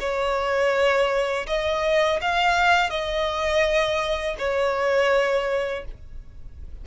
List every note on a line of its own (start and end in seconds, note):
0.00 1.46 C#5
1.47 2.20 D#5
2.22 2.90 F5
2.90 4.37 D#5
4.39 5.85 C#5